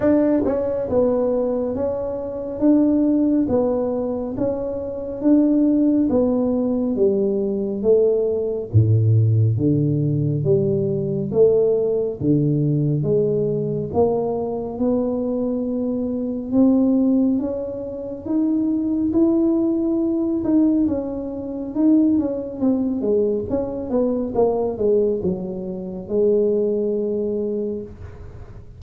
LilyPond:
\new Staff \with { instrumentName = "tuba" } { \time 4/4 \tempo 4 = 69 d'8 cis'8 b4 cis'4 d'4 | b4 cis'4 d'4 b4 | g4 a4 a,4 d4 | g4 a4 d4 gis4 |
ais4 b2 c'4 | cis'4 dis'4 e'4. dis'8 | cis'4 dis'8 cis'8 c'8 gis8 cis'8 b8 | ais8 gis8 fis4 gis2 | }